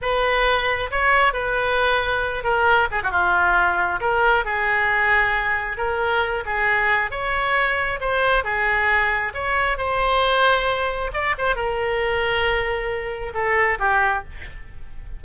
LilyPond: \new Staff \with { instrumentName = "oboe" } { \time 4/4 \tempo 4 = 135 b'2 cis''4 b'4~ | b'4. ais'4 gis'16 fis'16 f'4~ | f'4 ais'4 gis'2~ | gis'4 ais'4. gis'4. |
cis''2 c''4 gis'4~ | gis'4 cis''4 c''2~ | c''4 d''8 c''8 ais'2~ | ais'2 a'4 g'4 | }